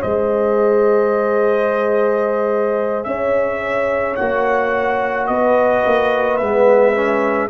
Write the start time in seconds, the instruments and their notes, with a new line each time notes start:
0.00 tuba G#3, trombone G#4, horn C5, trumpet D#5
3.03 tuba C#4, horn C#5, trumpet E5
4.15 tuba A#3, trombone F#4, trumpet F#5
5.26 tuba B3, horn B4, trumpet D#5
5.85 tuba A#3
6.37 tuba G#3, trombone B3, trumpet E5
6.95 trombone C#4